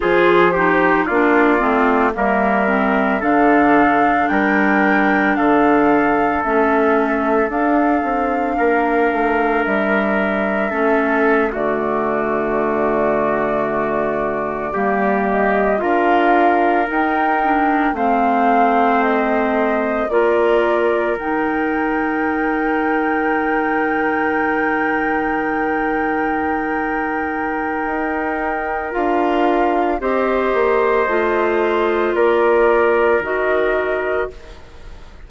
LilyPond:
<<
  \new Staff \with { instrumentName = "flute" } { \time 4/4 \tempo 4 = 56 c''4 d''4 e''4 f''4 | g''4 f''4 e''4 f''4~ | f''4 e''4.~ e''16 d''4~ d''16~ | d''2~ d''16 dis''8 f''4 g''16~ |
g''8. f''4 dis''4 d''4 g''16~ | g''1~ | g''2. f''4 | dis''2 d''4 dis''4 | }
  \new Staff \with { instrumentName = "trumpet" } { \time 4/4 gis'8 g'8 f'4 ais'4 a'4 | ais'4 a'2. | ais'2 a'8. fis'4~ fis'16~ | fis'4.~ fis'16 g'4 ais'4~ ais'16~ |
ais'8. c''2 ais'4~ ais'16~ | ais'1~ | ais'1 | c''2 ais'2 | }
  \new Staff \with { instrumentName = "clarinet" } { \time 4/4 f'8 dis'8 d'8 c'8 ais8 c'8 d'4~ | d'2 cis'4 d'4~ | d'2 cis'8. a4~ a16~ | a4.~ a16 ais4 f'4 dis'16~ |
dis'16 d'8 c'2 f'4 dis'16~ | dis'1~ | dis'2. f'4 | g'4 f'2 fis'4 | }
  \new Staff \with { instrumentName = "bassoon" } { \time 4/4 f4 ais8 a8 g4 d4 | g4 d4 a4 d'8 c'8 | ais8 a8 g4 a8. d4~ d16~ | d4.~ d16 g4 d'4 dis'16~ |
dis'8. a2 ais4 dis16~ | dis1~ | dis2 dis'4 d'4 | c'8 ais8 a4 ais4 dis4 | }
>>